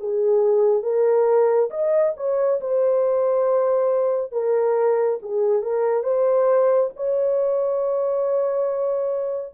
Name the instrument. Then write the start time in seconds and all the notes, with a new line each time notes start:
horn
0.00 G#4
0.83 A#4
1.71 D#5
2.17 C#5
2.61 C5
4.32 A#4
5.23 G#4
5.62 A#4
6.04 C5
6.96 C#5